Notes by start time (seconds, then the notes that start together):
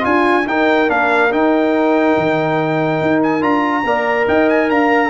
0.00 D4 F4 G#5
0.06 F4
0.46 D#4 A#4 G5
0.87 A#3 D4 F5
1.30 D#4 G5
2.17 D#3
3.01 D#4
3.23 G#5
3.40 D4 F4 A#5
3.84 A#3 A#4 D5
4.27 D#4 D#5 G5
4.49 G#5
4.69 D4 F5 A#5